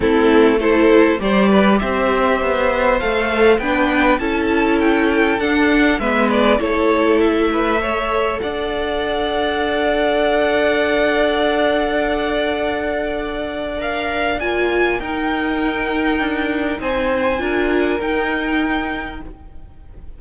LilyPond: <<
  \new Staff \with { instrumentName = "violin" } { \time 4/4 \tempo 4 = 100 a'4 c''4 d''4 e''4~ | e''4 f''4 g''4 a''4 | g''4 fis''4 e''8 d''8 cis''4 | e''2 fis''2~ |
fis''1~ | fis''2. f''4 | gis''4 g''2. | gis''2 g''2 | }
  \new Staff \with { instrumentName = "violin" } { \time 4/4 e'4 a'4 c''8 b'8 c''4~ | c''2 b'4 a'4~ | a'2 b'4 a'4~ | a'8 b'8 cis''4 d''2~ |
d''1~ | d''1~ | d''4 ais'2. | c''4 ais'2. | }
  \new Staff \with { instrumentName = "viola" } { \time 4/4 c'4 e'4 g'2~ | g'4 a'4 d'4 e'4~ | e'4 d'4 b4 e'4~ | e'4 a'2.~ |
a'1~ | a'2. ais'4 | f'4 dis'2.~ | dis'4 f'4 dis'2 | }
  \new Staff \with { instrumentName = "cello" } { \time 4/4 a2 g4 c'4 | b4 a4 b4 cis'4~ | cis'4 d'4 gis4 a4~ | a2 d'2~ |
d'1~ | d'1 | ais4 dis'2 d'4 | c'4 d'4 dis'2 | }
>>